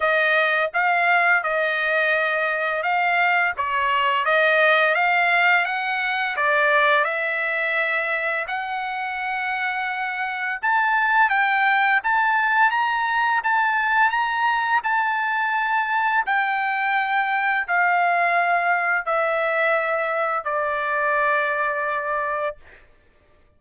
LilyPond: \new Staff \with { instrumentName = "trumpet" } { \time 4/4 \tempo 4 = 85 dis''4 f''4 dis''2 | f''4 cis''4 dis''4 f''4 | fis''4 d''4 e''2 | fis''2. a''4 |
g''4 a''4 ais''4 a''4 | ais''4 a''2 g''4~ | g''4 f''2 e''4~ | e''4 d''2. | }